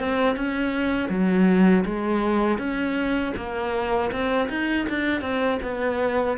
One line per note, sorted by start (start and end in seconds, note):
0.00 0.36 C4
0.36 1.10 C#4
1.10 1.85 F#3
1.86 2.59 G#3
2.59 3.34 C#4
3.37 4.12 A#3
4.12 4.49 C4
4.50 4.87 D#4
4.90 5.22 D4
5.22 5.59 C4
5.63 6.38 B3